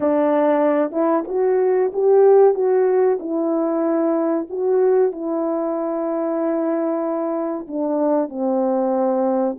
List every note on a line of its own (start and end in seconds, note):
0.00 0.91 D4
0.91 1.23 E4
1.27 1.91 F#4
1.93 2.54 G4
2.54 3.18 F#4
3.19 4.47 E4
4.49 5.12 F#4
5.12 7.67 E4
7.67 8.29 D4
8.29 9.56 C4